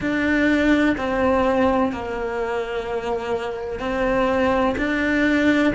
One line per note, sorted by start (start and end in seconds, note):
0.00 0.96 D4
0.97 1.92 C4
1.92 3.79 A#3
3.79 4.74 C4
4.77 5.73 D4